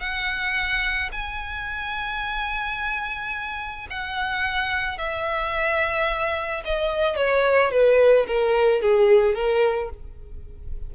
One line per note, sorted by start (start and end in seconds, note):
0.00 1.10 F#5
1.12 3.88 G#5
3.90 4.98 F#5
4.98 6.64 E5
6.65 7.16 D#5
7.16 7.71 C#5
7.71 8.26 B4
8.27 8.82 A#4
8.82 9.35 G#4
9.35 9.90 A#4